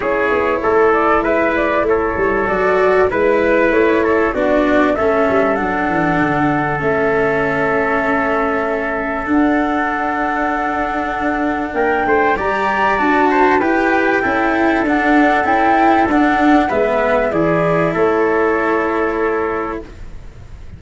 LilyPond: <<
  \new Staff \with { instrumentName = "flute" } { \time 4/4 \tempo 4 = 97 cis''4. d''8 e''8 d''8 cis''4 | d''4 b'4 cis''4 d''4 | e''4 fis''2 e''4~ | e''2. fis''4~ |
fis''2. g''4 | ais''4 a''4 g''2 | fis''4 g''4 fis''4 e''4 | d''4 cis''2. | }
  \new Staff \with { instrumentName = "trumpet" } { \time 4/4 gis'4 a'4 b'4 a'4~ | a'4 b'4. a'8 fis'4 | a'1~ | a'1~ |
a'2. ais'8 c''8 | d''4. c''8 b'4 a'4~ | a'2. b'4 | gis'4 a'2. | }
  \new Staff \with { instrumentName = "cello" } { \time 4/4 e'1 | fis'4 e'2 d'4 | cis'4 d'2 cis'4~ | cis'2. d'4~ |
d'1 | g'4 fis'4 g'4 e'4 | d'4 e'4 d'4 b4 | e'1 | }
  \new Staff \with { instrumentName = "tuba" } { \time 4/4 cis'8 b8 a4 gis4 a8 g8 | fis4 gis4 a4 b4 | a8 g8 fis8 e8 d4 a4~ | a2. d'4~ |
d'2. ais8 a8 | g4 d'4 e'4 cis'4 | d'4 cis'4 d'4 gis4 | e4 a2. | }
>>